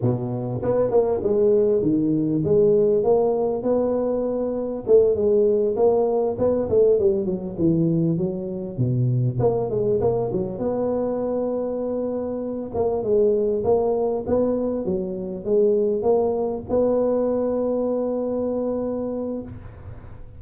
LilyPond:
\new Staff \with { instrumentName = "tuba" } { \time 4/4 \tempo 4 = 99 b,4 b8 ais8 gis4 dis4 | gis4 ais4 b2 | a8 gis4 ais4 b8 a8 g8 | fis8 e4 fis4 b,4 ais8 |
gis8 ais8 fis8 b2~ b8~ | b4 ais8 gis4 ais4 b8~ | b8 fis4 gis4 ais4 b8~ | b1 | }